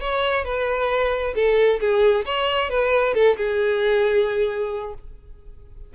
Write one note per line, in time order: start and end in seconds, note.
0.00 0.44 C#5
0.44 1.34 B4
1.35 1.79 A4
1.80 2.25 G#4
2.25 2.69 C#5
2.69 3.14 B4
3.14 3.36 A4
3.37 4.94 G#4